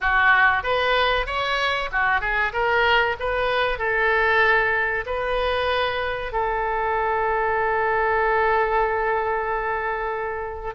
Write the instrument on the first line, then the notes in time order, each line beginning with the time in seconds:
oboe
0.01 F#4
0.63 B4
1.26 C#5
1.91 F#4
2.20 G#4
2.52 A#4
3.19 B4
3.78 A4
5.06 B4
6.32 A4